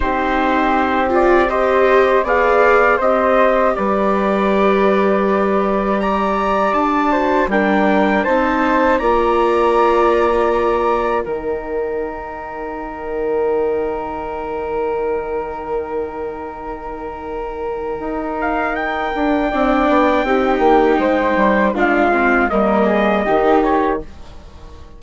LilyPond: <<
  \new Staff \with { instrumentName = "trumpet" } { \time 4/4 \tempo 4 = 80 c''4. d''8 dis''4 f''4 | dis''4 d''2. | ais''4 a''4 g''4 a''4 | ais''2. g''4~ |
g''1~ | g''1~ | g''8 f''8 g''2.~ | g''4 f''4 dis''4. cis''8 | }
  \new Staff \with { instrumentName = "flute" } { \time 4/4 g'2 c''4 d''4 | c''4 b'2. | d''4. c''8 ais'4 c''4 | d''2. ais'4~ |
ais'1~ | ais'1~ | ais'2 d''4 g'4 | c''4 f'4 ais'8 gis'8 g'4 | }
  \new Staff \with { instrumentName = "viola" } { \time 4/4 dis'4. f'8 g'4 gis'4 | g'1~ | g'4. fis'8 d'4 dis'4 | f'2. dis'4~ |
dis'1~ | dis'1~ | dis'2 d'4 dis'4~ | dis'4 d'8 c'8 ais4 dis'4 | }
  \new Staff \with { instrumentName = "bassoon" } { \time 4/4 c'2. b4 | c'4 g2.~ | g4 d'4 g4 c'4 | ais2. dis4~ |
dis1~ | dis1 | dis'4. d'8 c'8 b8 c'8 ais8 | gis8 g8 gis4 g4 dis4 | }
>>